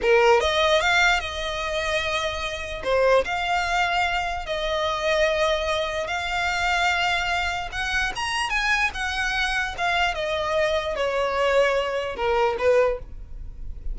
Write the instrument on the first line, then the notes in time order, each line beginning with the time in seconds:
violin
0.01 A#4
0.40 D#5
0.81 F5
1.20 D#5
2.83 C5
3.24 F5
4.45 D#5
6.07 F5
7.72 F#5
8.15 A#5
8.49 G#5
8.94 F#5
9.77 F5
10.14 D#5
10.95 C#5
12.16 A#4
12.58 B4